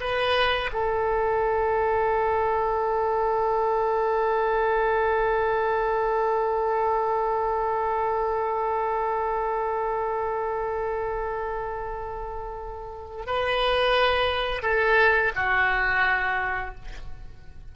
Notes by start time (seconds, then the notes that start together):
0.00 B4
0.72 A4
13.26 B4
14.62 A4
15.35 F#4